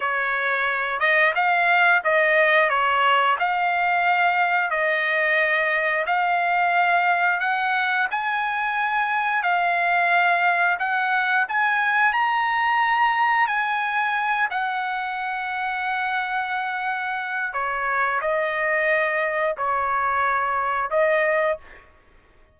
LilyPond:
\new Staff \with { instrumentName = "trumpet" } { \time 4/4 \tempo 4 = 89 cis''4. dis''8 f''4 dis''4 | cis''4 f''2 dis''4~ | dis''4 f''2 fis''4 | gis''2 f''2 |
fis''4 gis''4 ais''2 | gis''4. fis''2~ fis''8~ | fis''2 cis''4 dis''4~ | dis''4 cis''2 dis''4 | }